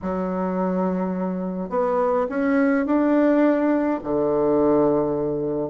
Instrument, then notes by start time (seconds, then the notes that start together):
bassoon
0.02 F#3
1.69 B3
2.29 C#4
2.85 D4
4.03 D3